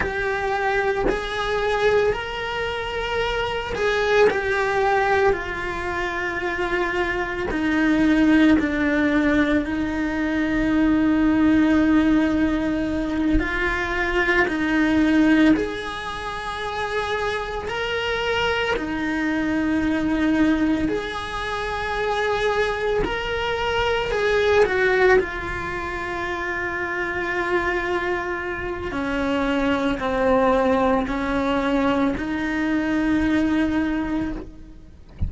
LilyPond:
\new Staff \with { instrumentName = "cello" } { \time 4/4 \tempo 4 = 56 g'4 gis'4 ais'4. gis'8 | g'4 f'2 dis'4 | d'4 dis'2.~ | dis'8 f'4 dis'4 gis'4.~ |
gis'8 ais'4 dis'2 gis'8~ | gis'4. ais'4 gis'8 fis'8 f'8~ | f'2. cis'4 | c'4 cis'4 dis'2 | }